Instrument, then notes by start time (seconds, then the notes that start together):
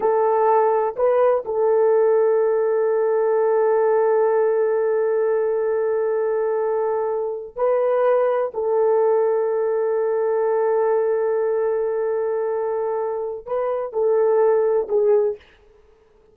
horn
0.00 A4
0.96 B4
1.45 A4
7.56 B4
8.54 A4
13.46 B4
13.92 A4
14.88 G#4